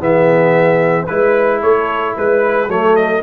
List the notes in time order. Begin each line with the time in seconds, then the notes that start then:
0.00 E3 B3 G#4 E5
1.06 G#3 E4 B4
1.62 A3 A4 C#5
2.16 G#3 B4
2.68 F#3 A3 A4 C#5
2.96 D#5